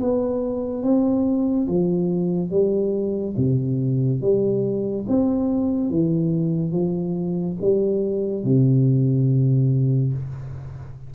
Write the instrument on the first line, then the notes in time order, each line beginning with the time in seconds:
tuba
0.00 B3
0.83 C4
1.67 F3
2.50 G3
3.37 C3
4.21 G3
5.08 C4
5.90 E3
6.72 F3
7.61 G3
8.44 C3